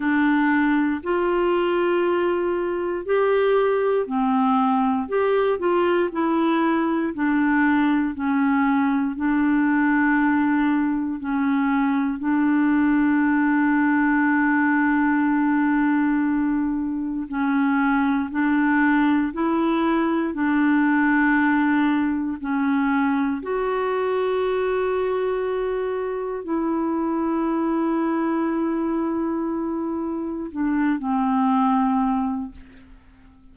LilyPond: \new Staff \with { instrumentName = "clarinet" } { \time 4/4 \tempo 4 = 59 d'4 f'2 g'4 | c'4 g'8 f'8 e'4 d'4 | cis'4 d'2 cis'4 | d'1~ |
d'4 cis'4 d'4 e'4 | d'2 cis'4 fis'4~ | fis'2 e'2~ | e'2 d'8 c'4. | }